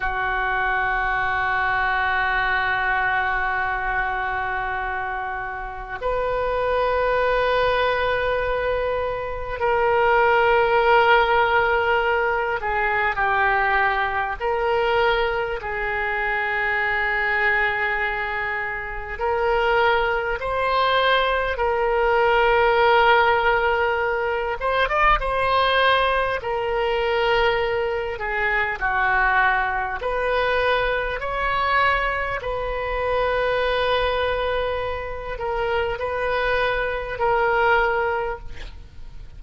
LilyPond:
\new Staff \with { instrumentName = "oboe" } { \time 4/4 \tempo 4 = 50 fis'1~ | fis'4 b'2. | ais'2~ ais'8 gis'8 g'4 | ais'4 gis'2. |
ais'4 c''4 ais'2~ | ais'8 c''16 d''16 c''4 ais'4. gis'8 | fis'4 b'4 cis''4 b'4~ | b'4. ais'8 b'4 ais'4 | }